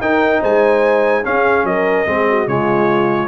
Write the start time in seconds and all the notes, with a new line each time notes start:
0.00 D#4 A#4 G5
0.41 G#3 C5 G#5
1.23 C#4 G#4 F5
1.63 F#3 A#4 D#5
2.05 G#3 C4 G#4
2.29 F#4
2.46 C#3 G#3 F4 C#5